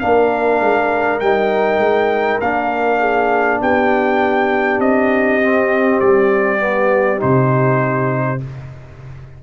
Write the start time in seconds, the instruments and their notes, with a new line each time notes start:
0.00 tuba A#3, trombone D4, horn A#4, trumpet F5
0.61 tuba G#3
1.21 tuba G3, trombone D#4, trumpet G5
1.78 tuba G#3
2.41 tuba A#3, trombone D4, trumpet F5
3.00 horn G#4
3.62 tuba B3, horn G4, trumpet G5
4.79 tuba C4, trumpet D#5
5.42 trombone C4
6.00 tuba G3, trumpet D5
6.59 trombone B3
7.19 tuba C3, trombone D#4, trumpet C5